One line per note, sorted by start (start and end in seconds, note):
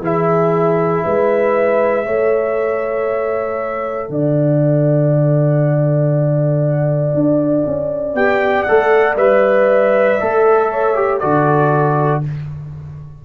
0.00 1.02 E3
0.00 2.04 E4
0.00 1.04 G#4
0.00 4.09 E5
1.04 2.06 G#3
1.04 2.05 B4
2.04 4.09 A3
2.04 8.14 A4
2.04 4.09 C#5
4.09 7.14 D3
4.09 10.70 D5
4.09 8.15 F#5
7.14 7.64 D4
7.65 8.14 C#4
8.14 8.64 B3
8.14 8.67 G4
8.14 8.63 G5
8.63 9.17 A4
8.63 9.14 F#5
8.69 9.16 A3
9.16 10.17 G3
9.16 10.19 B4
9.16 11.19 E5
10.19 11.23 A3
10.19 10.95 A4
10.70 11.20 C#5
10.95 11.20 G4
11.19 12.25 D3
11.19 12.23 F#4
11.19 12.22 A4
11.19 12.21 D5